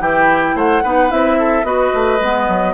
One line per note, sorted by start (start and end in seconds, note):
0.00 0.55 E3
0.00 0.83 E4
0.00 0.56 G4
0.00 0.57 G5
0.55 0.82 A3
0.55 0.83 C5
0.55 1.11 F#5
0.83 1.11 B3
0.83 1.10 D#4
0.83 1.38 B4
1.10 1.64 C4
1.10 1.64 E4
1.10 1.65 E5
1.39 1.65 A4
1.64 1.91 B3
1.64 2.19 F#4
1.64 2.74 B4
1.64 2.74 D#5
1.94 2.20 A3
2.20 2.48 G#3
2.20 2.74 B3
2.48 2.74 F#3